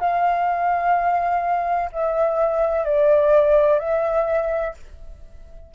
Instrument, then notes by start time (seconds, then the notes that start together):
flute
0.00 F5
1.92 E5
2.85 D5
3.79 E5